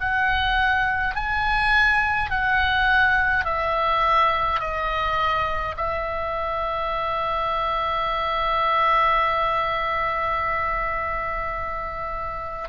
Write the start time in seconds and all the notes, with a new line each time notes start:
0.00 F#5
1.15 G#5
2.30 F#5
3.45 E5
4.60 D#5
5.76 E5